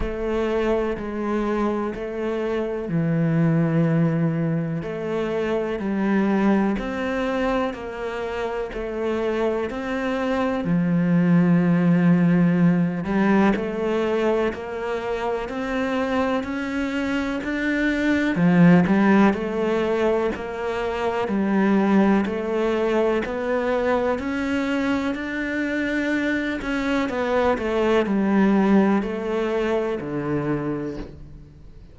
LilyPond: \new Staff \with { instrumentName = "cello" } { \time 4/4 \tempo 4 = 62 a4 gis4 a4 e4~ | e4 a4 g4 c'4 | ais4 a4 c'4 f4~ | f4. g8 a4 ais4 |
c'4 cis'4 d'4 f8 g8 | a4 ais4 g4 a4 | b4 cis'4 d'4. cis'8 | b8 a8 g4 a4 d4 | }